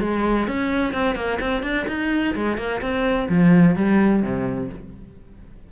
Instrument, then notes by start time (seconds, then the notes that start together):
cello
0.00 G#3
0.47 C#4
0.93 C4
1.15 A#3
1.40 C4
1.62 D4
1.87 D#4
2.35 G#3
2.57 A#3
2.81 C4
3.29 F3
3.75 G3
4.22 C3